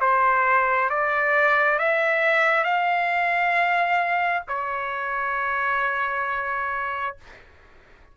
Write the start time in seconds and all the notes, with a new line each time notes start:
0.00 C5
0.90 D5
1.79 E5
2.64 F5
4.48 C#5